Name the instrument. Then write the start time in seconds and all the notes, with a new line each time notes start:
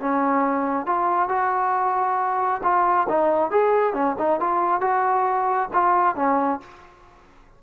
trombone
0.00 C#4
0.86 F4
1.29 F#4
2.63 F4
3.09 D#4
3.51 G#4
3.94 C#4
4.19 D#4
4.40 F4
4.81 F#4
5.73 F4
6.16 C#4